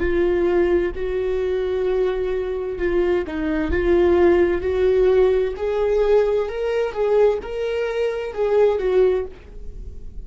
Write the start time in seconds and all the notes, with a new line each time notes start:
0.00 F4
0.96 F#4
2.79 F4
3.27 D#4
3.72 F4
4.62 F#4
5.57 G#4
6.49 A#4
6.93 G#4
7.43 A#4
8.34 G#4
8.79 F#4